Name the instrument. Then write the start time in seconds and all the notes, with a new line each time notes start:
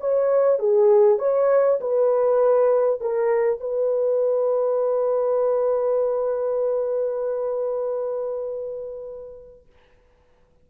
horn
0.00 C#5
0.59 G#4
1.18 C#5
1.80 B4
3.00 A#4
3.60 B4